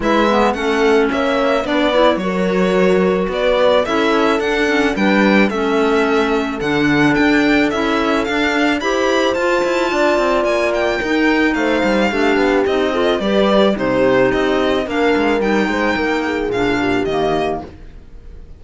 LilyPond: <<
  \new Staff \with { instrumentName = "violin" } { \time 4/4 \tempo 4 = 109 e''4 fis''4 e''4 d''4 | cis''2 d''4 e''4 | fis''4 g''4 e''2 | fis''4 g''4 e''4 f''4 |
b''4 a''2 gis''8 g''8~ | g''4 f''2 dis''4 | d''4 c''4 dis''4 f''4 | g''2 f''4 dis''4 | }
  \new Staff \with { instrumentName = "horn" } { \time 4/4 b'4 a'4 cis''4 b'4 | ais'2 b'4 a'4~ | a'4 b'4 a'2~ | a'1 |
c''2 d''2 | ais'4 c''4 g'4. a'8 | b'4 g'2 ais'4~ | ais'8 c''8 ais'8 gis'4 g'4. | }
  \new Staff \with { instrumentName = "clarinet" } { \time 4/4 e'8 b8 cis'2 d'8 e'8 | fis'2. e'4 | d'8 cis'8 d'4 cis'2 | d'2 e'4 d'4 |
g'4 f'2. | dis'2 d'4 dis'8 f'8 | g'4 dis'2 d'4 | dis'2 d'4 ais4 | }
  \new Staff \with { instrumentName = "cello" } { \time 4/4 gis4 a4 ais4 b4 | fis2 b4 cis'4 | d'4 g4 a2 | d4 d'4 cis'4 d'4 |
e'4 f'8 e'8 d'8 c'8 ais4 | dis'4 a8 g8 a8 b8 c'4 | g4 c4 c'4 ais8 gis8 | g8 gis8 ais4 ais,4 dis4 | }
>>